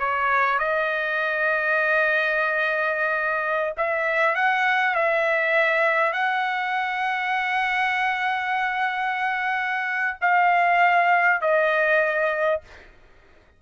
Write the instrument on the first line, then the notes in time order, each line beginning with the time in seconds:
trumpet
0.00 C#5
0.59 D#5
3.77 E5
4.35 F#5
4.95 E5
6.13 F#5
10.21 F5
11.41 D#5